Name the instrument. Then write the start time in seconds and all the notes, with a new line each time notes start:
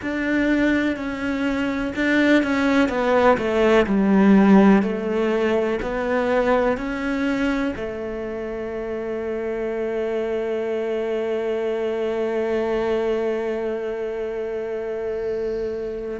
cello
0.01 D4
0.96 C#4
1.95 D4
2.43 C#4
2.89 B3
3.37 A3
3.86 G3
4.82 A3
5.82 B3
6.77 C#4
7.76 A3